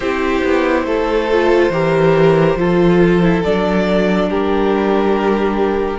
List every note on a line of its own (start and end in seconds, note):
0.00 0.41 C4
0.00 1.30 E4
0.00 0.85 G4
0.00 3.42 C5
0.44 0.83 B3
0.83 1.69 A3
0.83 1.72 A4
1.31 1.72 F4
1.69 2.55 E3
1.69 2.58 G4
1.69 2.58 A#4
2.55 3.41 F3
2.55 3.22 F4
2.55 4.29 A4
3.22 3.43 E4
3.43 4.29 F#3
3.43 5.98 D4
3.43 4.29 D5
4.29 5.98 G3
4.29 5.98 G4
4.29 5.98 A#4